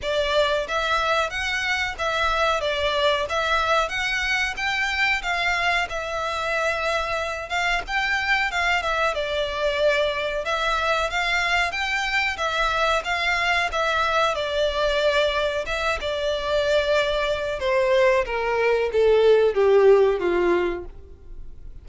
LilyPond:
\new Staff \with { instrumentName = "violin" } { \time 4/4 \tempo 4 = 92 d''4 e''4 fis''4 e''4 | d''4 e''4 fis''4 g''4 | f''4 e''2~ e''8 f''8 | g''4 f''8 e''8 d''2 |
e''4 f''4 g''4 e''4 | f''4 e''4 d''2 | e''8 d''2~ d''8 c''4 | ais'4 a'4 g'4 f'4 | }